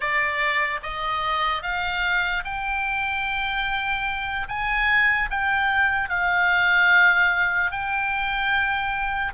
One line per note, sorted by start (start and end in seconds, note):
0.00 0.80 D5
0.83 1.62 D#5
1.62 2.43 F5
2.44 4.47 G5
4.48 5.29 G#5
5.30 6.09 G5
6.09 7.71 F5
7.71 9.33 G5